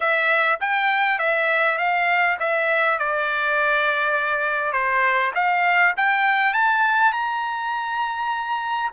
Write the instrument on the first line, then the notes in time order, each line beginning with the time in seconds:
trumpet
0.00 E5
0.60 G5
1.18 E5
1.78 F5
2.39 E5
2.99 D5
4.72 C5
5.34 F5
5.96 G5
6.53 A5
7.12 A#5